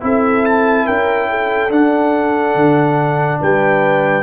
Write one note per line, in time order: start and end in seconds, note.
0.00 0.87 C4
0.00 1.69 E4
0.00 0.85 A4
0.00 0.45 E5
0.45 0.86 A5
0.85 1.70 C#4
0.85 1.27 A#4
0.85 1.71 G5
1.30 3.40 A4
1.70 2.54 D4
1.70 4.23 D4
1.70 3.40 F#5
2.54 3.39 D3
3.40 4.23 G3
3.40 4.23 B4
3.40 4.23 G5